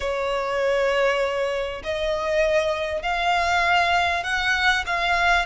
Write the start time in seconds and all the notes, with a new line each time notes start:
0.00 C#5
1.83 D#5
3.02 F5
4.23 F#5
4.86 F5